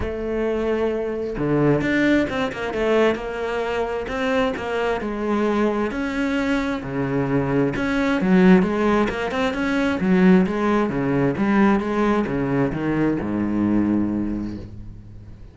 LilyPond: \new Staff \with { instrumentName = "cello" } { \time 4/4 \tempo 4 = 132 a2. d4 | d'4 c'8 ais8 a4 ais4~ | ais4 c'4 ais4 gis4~ | gis4 cis'2 cis4~ |
cis4 cis'4 fis4 gis4 | ais8 c'8 cis'4 fis4 gis4 | cis4 g4 gis4 cis4 | dis4 gis,2. | }